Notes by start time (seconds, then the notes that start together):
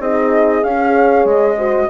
0.00 C4 D#4 G#4 D#5
0.63 C#4 G#4 F5
0.92 C#5
1.25 G#3 D#5
1.57 F#4 C5